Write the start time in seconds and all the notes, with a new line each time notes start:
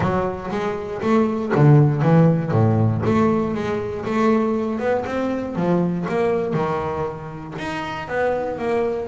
0.00 F#3
0.50 G#3
1.01 A3
1.55 D3
2.02 E3
2.51 A2
3.05 A3
3.54 G#3
4.05 A3
4.79 B3
5.06 C4
5.55 F3
6.08 A#3
6.53 D#3
7.58 D#4
8.07 B3
8.58 A#3